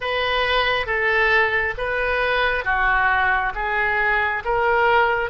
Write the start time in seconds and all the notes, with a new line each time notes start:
0.00 B4
0.86 A4
1.77 B4
2.64 F#4
3.55 G#4
4.44 A#4